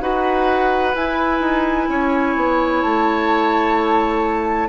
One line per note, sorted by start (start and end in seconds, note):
0.00 0.94 D#4
0.00 0.95 F#4
0.00 1.89 B4
0.00 0.95 F#5
0.95 4.69 E4
0.95 1.40 E4
0.95 2.82 G#5
1.40 1.87 D#4
1.89 2.36 C#4
1.89 4.69 C#5
2.36 2.83 B3
2.82 4.69 A3
2.82 4.69 A5